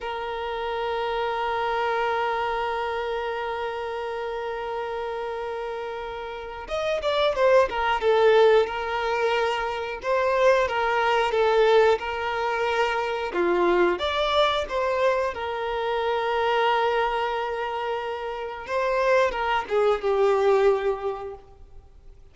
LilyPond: \new Staff \with { instrumentName = "violin" } { \time 4/4 \tempo 4 = 90 ais'1~ | ais'1~ | ais'2 dis''8 d''8 c''8 ais'8 | a'4 ais'2 c''4 |
ais'4 a'4 ais'2 | f'4 d''4 c''4 ais'4~ | ais'1 | c''4 ais'8 gis'8 g'2 | }